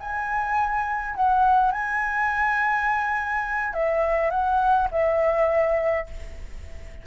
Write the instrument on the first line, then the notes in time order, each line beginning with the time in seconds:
flute
0.00 G#5
1.15 F#5
1.72 G#5
3.73 E5
4.30 F#5
4.91 E5